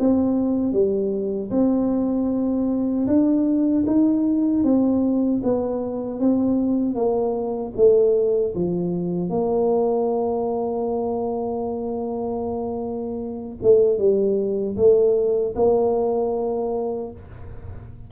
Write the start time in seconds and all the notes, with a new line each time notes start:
0.00 C4
0.73 G3
1.51 C4
3.07 D4
3.87 D#4
4.64 C4
5.44 B3
6.21 C4
6.95 A#3
7.76 A3
8.55 F3
9.30 A#3
13.63 A3
13.99 G3
14.77 A3
15.56 A#3